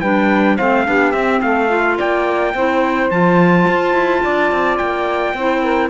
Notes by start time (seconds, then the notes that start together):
0.00 G3 D4 B4 G5
0.56 A3 C4 C5 F5
0.85 B3 D4 G4
1.11 C4 E5
1.41 A3 A4 F5
1.69 F4
1.96 A#3 D5 G5
2.54 C4 E4 C5
3.10 F3 F4 A5
3.68 F4
3.93 E4
4.22 D4 D5
4.51 C4
4.77 A#3 G5
5.34 C4 E4 C5
5.61 A#4